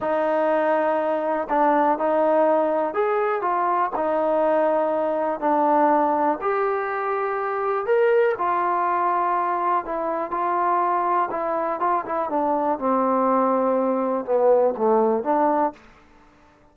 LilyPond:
\new Staff \with { instrumentName = "trombone" } { \time 4/4 \tempo 4 = 122 dis'2. d'4 | dis'2 gis'4 f'4 | dis'2. d'4~ | d'4 g'2. |
ais'4 f'2. | e'4 f'2 e'4 | f'8 e'8 d'4 c'2~ | c'4 b4 a4 d'4 | }